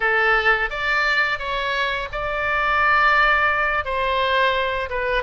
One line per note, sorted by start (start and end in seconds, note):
0.00 0.70 A4
0.70 1.38 D5
1.38 2.08 C#5
2.12 3.84 D5
3.84 4.89 C5
4.89 5.23 B4